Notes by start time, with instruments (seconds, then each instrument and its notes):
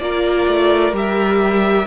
0.00 cello A#3, viola F4, violin A#4 D5
0.47 cello A3
0.92 cello G3, viola G4, violin E5